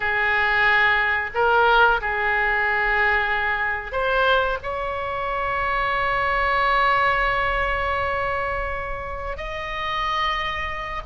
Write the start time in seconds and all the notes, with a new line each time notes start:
0.00 G#4
1.34 A#4
2.01 G#4
3.92 C5
4.62 C#5
9.37 D#5